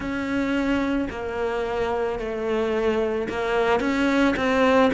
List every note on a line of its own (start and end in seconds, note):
0.00 1.08 C#4
1.10 2.19 A#3
2.19 3.28 A3
3.29 3.80 A#3
3.80 4.34 C#4
4.36 4.90 C4